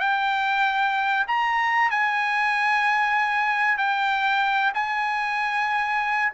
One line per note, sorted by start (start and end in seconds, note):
0.00 1.26 G5
1.27 1.90 A#5
1.90 3.78 G#5
3.78 4.73 G5
4.74 6.32 G#5